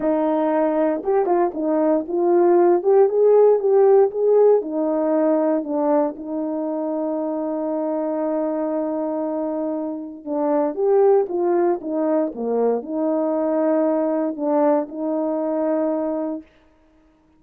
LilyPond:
\new Staff \with { instrumentName = "horn" } { \time 4/4 \tempo 4 = 117 dis'2 g'8 f'8 dis'4 | f'4. g'8 gis'4 g'4 | gis'4 dis'2 d'4 | dis'1~ |
dis'1 | d'4 g'4 f'4 dis'4 | ais4 dis'2. | d'4 dis'2. | }